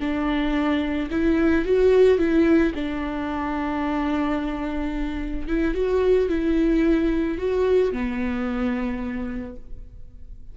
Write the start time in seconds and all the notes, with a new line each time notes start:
0.00 D4
1.11 E4
1.65 F#4
2.18 E4
2.75 D4
5.48 E4
5.74 F#4
6.29 E4
7.38 F#4
7.93 B3